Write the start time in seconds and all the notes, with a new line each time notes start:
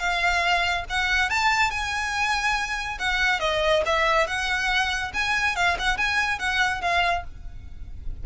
0.00 F5
0.90 F#5
1.30 A5
1.71 G#5
2.99 F#5
3.40 D#5
3.86 E5
4.27 F#5
5.14 G#5
5.56 F5
5.79 F#5
5.98 G#5
6.39 F#5
6.82 F5